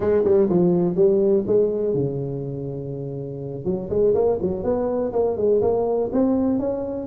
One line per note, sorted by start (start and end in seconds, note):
0.00 0.24 G#3
0.24 0.48 G3
0.49 0.95 F3
0.95 1.44 G3
1.46 1.94 G#3
1.94 3.64 C#3
3.65 3.89 F#3
3.89 4.14 G#3
4.14 4.38 A#3
4.41 4.63 F#3
4.63 5.12 B3
5.12 5.37 A#3
5.37 5.61 G#3
5.61 6.10 A#3
6.12 6.59 C4
6.59 7.06 C#4